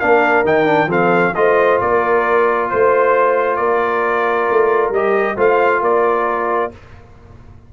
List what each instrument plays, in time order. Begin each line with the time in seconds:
0.00 tuba A#3, trombone D4, horn A#4, trumpet F5
0.45 tuba D#3, trombone D#4, trumpet G5
0.66 trombone D4
0.87 tuba F3, trombone C4, horn A4, trumpet F5
1.35 tuba A3, trombone F4, horn C5, trumpet D#5
1.81 tuba A#3, horn A#4, trumpet D5
2.69 tuba A3, trumpet C5, horn C5
3.57 tuba A#3, horn A#4, trumpet D5
4.51 tuba A3
4.91 tuba G3, trombone G4, trumpet D#5
5.37 tuba A3, trombone F4, horn C5, trumpet F5
5.81 tuba A#3, horn A#4, trumpet D5